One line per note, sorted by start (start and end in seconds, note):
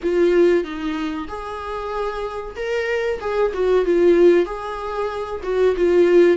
0.02 0.64 F4
0.64 1.27 D#4
1.28 2.55 G#4
2.55 3.19 A#4
3.20 3.52 G#4
3.53 3.85 F#4
3.85 4.45 F4
4.45 5.41 G#4
5.43 5.75 F#4
5.76 6.37 F4